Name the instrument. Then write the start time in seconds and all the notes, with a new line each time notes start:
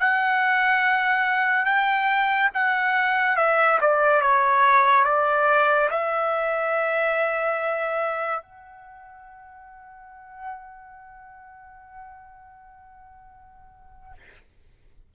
trumpet
0.00 F#5
1.65 G5
2.54 F#5
3.36 E5
3.80 D5
4.21 C#5
5.04 D5
5.90 E5
8.42 F#5